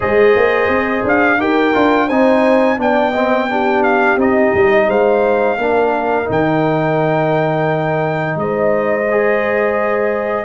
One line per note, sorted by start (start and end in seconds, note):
0.00 0.35 G#3
0.00 1.38 G#4
0.00 1.38 C5
0.00 1.05 D#5
0.35 0.68 A#3
0.68 1.03 C4
1.03 1.38 D4
1.03 1.40 F5
1.38 1.73 D#4
1.38 1.73 G4
1.38 2.07 A#4
1.38 2.09 G5
1.73 2.10 D4
1.73 2.08 F4
2.07 2.78 C4
2.07 2.78 D#4
2.07 2.76 C5
2.07 2.78 G#5
2.78 4.17 B3
2.78 3.12 D4
2.78 3.10 D5
2.78 3.83 G5
3.10 3.48 C4
3.10 3.45 D#5
3.48 4.18 D4
3.48 4.87 G4
3.83 4.18 F5
4.17 4.51 C4
4.17 5.57 D#4
4.17 4.90 D#5
4.54 4.88 G3
4.87 5.57 G#3
4.87 5.57 C5
4.87 6.29 F5
5.58 6.27 A#3
5.58 6.24 D4
5.58 8.38 A#4
6.24 8.35 D#3
6.24 9.03 D#4
6.31 8.38 G5
8.35 10.44 G#3
8.35 10.44 C5
8.35 10.44 D#5
9.10 10.44 G#4